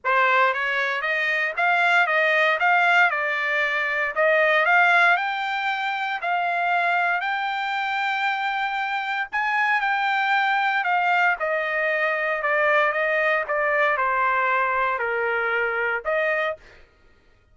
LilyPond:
\new Staff \with { instrumentName = "trumpet" } { \time 4/4 \tempo 4 = 116 c''4 cis''4 dis''4 f''4 | dis''4 f''4 d''2 | dis''4 f''4 g''2 | f''2 g''2~ |
g''2 gis''4 g''4~ | g''4 f''4 dis''2 | d''4 dis''4 d''4 c''4~ | c''4 ais'2 dis''4 | }